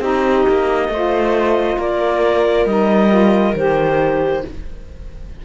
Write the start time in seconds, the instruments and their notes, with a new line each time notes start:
0.00 cello C4, saxophone D#4, viola G4, clarinet D#5
0.49 cello A#3
0.88 cello A3, saxophone F4, viola C5
1.77 cello A#3, viola A#4, clarinet D5
2.65 cello G3, saxophone D#4, clarinet D#5
3.09 saxophone F4
3.55 cello D#3, saxophone G4, clarinet C5